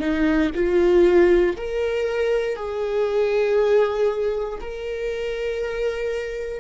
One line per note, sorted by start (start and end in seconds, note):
0.00 0.51 D#4
0.55 1.57 F4
1.57 2.56 A#4
2.56 4.59 G#4
4.61 6.60 A#4